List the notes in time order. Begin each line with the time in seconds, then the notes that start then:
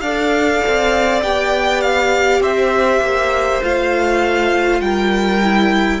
0.00 D4 A4 D5 F5
0.67 C4
1.22 B3 G4 G5
1.81 F5
2.41 C4 C5 E5
3.01 A#3
3.62 A3 F4 F5
4.80 G3 A#4 G5
5.42 E4